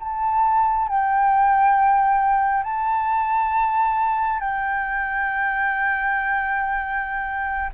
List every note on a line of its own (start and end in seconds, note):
0.00 0.88 A5
0.88 2.64 G5
2.64 4.40 A5
4.40 7.70 G5